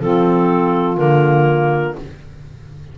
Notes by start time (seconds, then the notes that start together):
0.00 F3 C4 F4 A4
0.97 D3 A#3 A#4